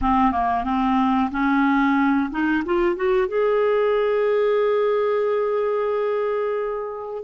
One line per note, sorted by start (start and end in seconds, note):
0.01 0.31 C4
0.31 0.64 A#3
0.64 1.29 C4
1.31 2.30 C#4
2.30 2.63 D#4
2.65 2.96 F4
2.96 3.28 F#4
3.28 7.23 G#4